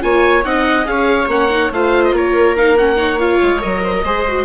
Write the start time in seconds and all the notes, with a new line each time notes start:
0.00 A#3 F4 C#5 G#5
0.43 C4 D#4 D#5 F#5
0.84 C#4 G#4 C#5 F5
1.27 A#3 C#4 F#5
1.49 D#4
1.71 A3 F4 C5 F5
2.03 D#5
2.12 A#3 A#4 C#5
2.56 D#4 F5
2.77 C#4 F#5
2.96 D#4 C#5
3.19 F4 F5
3.42 G#3
3.60 F#3 A#4 D#5
3.84 C5
3.95 A#4
4.03 G#3 G#4 C5
4.28 F#4